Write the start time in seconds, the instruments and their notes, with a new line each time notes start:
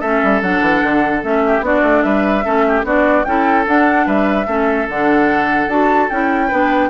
0.00 bassoon A3, clarinet C#4, oboe A4, flute E5
0.23 bassoon G3
0.42 bassoon F#3, clarinet D4, flute F#5
0.61 bassoon E3
0.83 bassoon D3
1.22 bassoon A3, clarinet C#4, flute E5
1.47 oboe G4
1.61 bassoon B3, clarinet D4, oboe F#4, flute D5
1.83 bassoon A3
2.03 bassoon G3, oboe B4, flute E5
2.44 bassoon A3, clarinet C#4, oboe A4
2.68 oboe G4
2.84 bassoon B3, clarinet D4, oboe F#4, flute D5
3.24 bassoon C#4, clarinet E4, oboe A4, flute G5
3.66 clarinet D4, bassoon D4, flute F#5
4.06 bassoon G3, oboe B4, flute E5
4.47 bassoon A3, clarinet C#4, oboe A4
4.89 bassoon D3, clarinet D4, flute F#5
5.68 bassoon D4, clarinet F#4, flute A5
6.09 bassoon C#4, clarinet E4, flute G5
6.48 bassoon B3, clarinet D4, oboe B4